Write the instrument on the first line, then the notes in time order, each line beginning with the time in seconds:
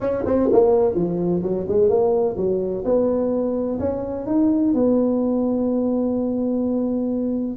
tuba
0.00 C#4
0.25 C4
0.52 A#3
0.94 F3
1.42 F#3
1.68 G#3
1.89 A#3
2.36 F#3
2.85 B3
3.79 C#4
4.26 D#4
4.74 B3